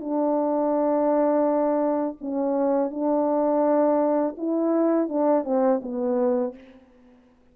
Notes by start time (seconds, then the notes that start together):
0.00 D4
2.20 C#4
2.90 D4
4.37 E4
5.08 D4
5.44 C4
5.82 B3